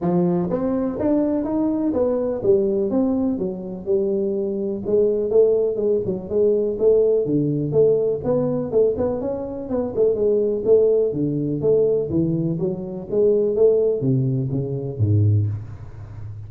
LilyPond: \new Staff \with { instrumentName = "tuba" } { \time 4/4 \tempo 4 = 124 f4 c'4 d'4 dis'4 | b4 g4 c'4 fis4 | g2 gis4 a4 | gis8 fis8 gis4 a4 d4 |
a4 b4 a8 b8 cis'4 | b8 a8 gis4 a4 d4 | a4 e4 fis4 gis4 | a4 c4 cis4 gis,4 | }